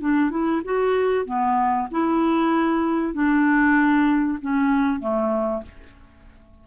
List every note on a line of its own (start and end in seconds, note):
0.00 0.30 D4
0.30 0.61 E4
0.64 1.25 F#4
1.25 1.88 B3
1.91 3.13 E4
3.13 4.38 D4
4.41 5.00 C#4
5.00 5.62 A3